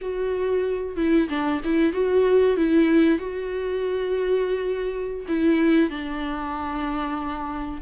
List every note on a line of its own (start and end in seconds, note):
0.01 0.96 F#4
0.96 1.28 E4
1.29 1.61 D4
1.64 1.92 E4
1.92 2.56 F#4
2.56 3.18 E4
3.18 5.25 F#4
5.28 5.90 E4
5.90 7.81 D4